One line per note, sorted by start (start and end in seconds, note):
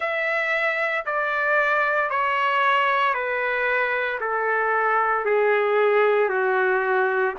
0.00 1.05 E5
1.05 2.10 D5
2.10 3.13 C#5
3.13 4.19 B4
4.20 5.25 A4
5.25 6.29 G#4
6.29 7.34 F#4